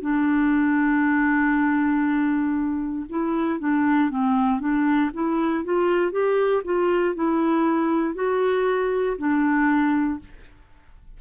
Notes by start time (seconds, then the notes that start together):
0.00 D4
3.09 E4
3.59 D4
4.10 C4
4.59 D4
5.13 E4
5.64 F4
6.11 G4
6.64 F4
7.15 E4
8.14 F#4
9.18 D4